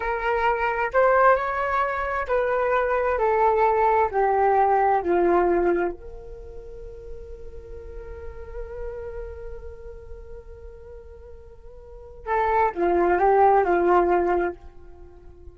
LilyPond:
\new Staff \with { instrumentName = "flute" } { \time 4/4 \tempo 4 = 132 ais'2 c''4 cis''4~ | cis''4 b'2 a'4~ | a'4 g'2 f'4~ | f'4 ais'2.~ |
ais'1~ | ais'1~ | ais'2. a'4 | f'4 g'4 f'2 | }